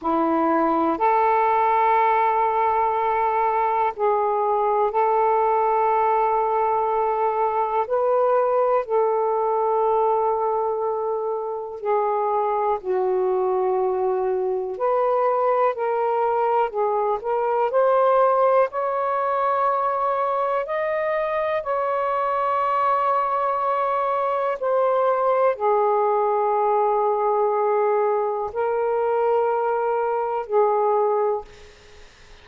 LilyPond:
\new Staff \with { instrumentName = "saxophone" } { \time 4/4 \tempo 4 = 61 e'4 a'2. | gis'4 a'2. | b'4 a'2. | gis'4 fis'2 b'4 |
ais'4 gis'8 ais'8 c''4 cis''4~ | cis''4 dis''4 cis''2~ | cis''4 c''4 gis'2~ | gis'4 ais'2 gis'4 | }